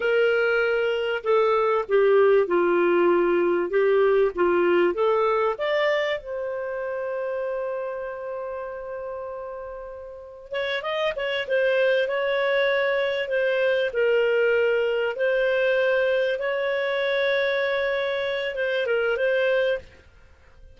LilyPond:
\new Staff \with { instrumentName = "clarinet" } { \time 4/4 \tempo 4 = 97 ais'2 a'4 g'4 | f'2 g'4 f'4 | a'4 d''4 c''2~ | c''1~ |
c''4 cis''8 dis''8 cis''8 c''4 cis''8~ | cis''4. c''4 ais'4.~ | ais'8 c''2 cis''4.~ | cis''2 c''8 ais'8 c''4 | }